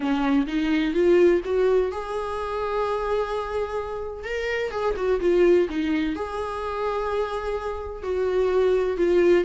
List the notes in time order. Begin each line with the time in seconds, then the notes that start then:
0.00 C#4
0.47 D#4
0.93 F4
1.45 F#4
1.91 G#4
4.24 A#4
4.71 G#4
4.96 F#4
5.20 F4
5.69 D#4
6.15 G#4
8.03 F#4
8.97 F4